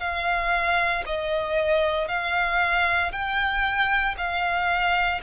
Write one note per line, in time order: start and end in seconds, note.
0.00 1.03 F5
1.06 2.08 D#5
2.08 3.12 F5
3.12 4.16 G5
4.18 5.21 F5